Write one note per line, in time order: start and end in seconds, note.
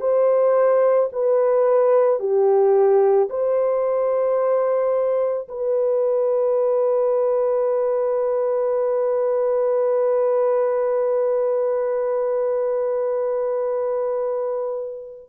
0.00 1.09 C5
1.12 2.20 B4
2.20 3.29 G4
3.30 5.48 C5
5.48 15.29 B4